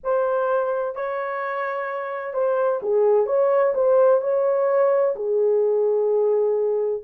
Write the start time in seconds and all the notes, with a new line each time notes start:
0.03 C5
0.95 C#5
2.33 C5
2.82 G#4
3.26 C#5
3.74 C5
4.21 C#5
5.15 G#4